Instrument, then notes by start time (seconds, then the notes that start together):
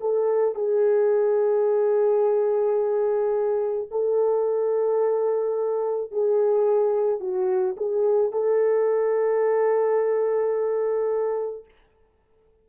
horn
0.00 A4
0.55 G#4
3.90 A4
6.11 G#4
7.20 F#4
7.76 G#4
8.32 A4